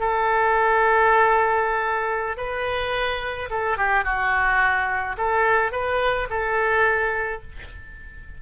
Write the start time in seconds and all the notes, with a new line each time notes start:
0.00 A4
2.37 B4
3.50 A4
3.78 G4
4.04 F#4
5.18 A4
5.72 B4
6.30 A4